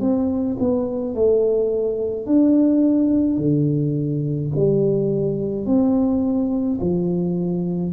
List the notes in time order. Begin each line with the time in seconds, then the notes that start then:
0.00 C4
0.59 B3
1.14 A3
2.26 D4
3.37 D3
4.55 G3
5.66 C4
6.80 F3